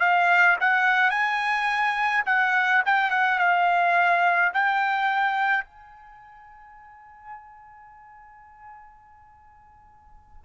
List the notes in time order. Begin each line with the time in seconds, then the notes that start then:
0.00 F5
0.60 F#5
1.10 G#5
2.26 F#5
2.86 G5
3.11 F#5
3.39 F5
4.53 G5
5.64 G#5